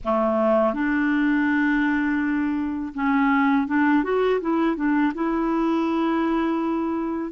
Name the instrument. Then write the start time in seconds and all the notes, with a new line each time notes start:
clarinet
0.04 A3
0.73 D4
2.94 C#4
3.67 D4
4.03 F#4
4.40 E4
4.76 D4
5.14 E4